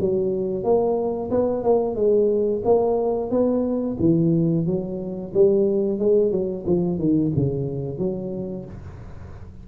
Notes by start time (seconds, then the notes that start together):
0.00 F#3
0.63 A#3
1.30 B3
1.63 A#3
1.95 G#3
2.65 A#3
3.30 B3
3.99 E3
4.66 F#3
5.34 G3
5.99 G#3
6.31 F#3
6.66 F3
6.98 D#3
7.36 C#3
7.98 F#3